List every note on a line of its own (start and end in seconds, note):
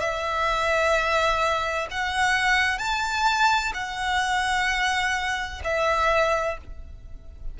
0.00 1.87 E5
1.91 2.78 F#5
2.78 3.72 A5
3.74 5.62 F#5
5.64 6.58 E5